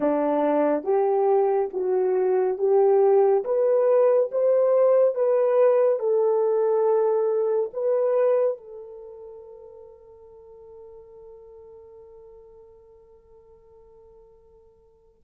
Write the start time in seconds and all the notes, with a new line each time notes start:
0.00 D4
0.83 G4
1.73 F#4
2.58 G4
3.44 B4
4.31 C5
5.14 B4
5.99 A4
7.73 B4
8.57 A4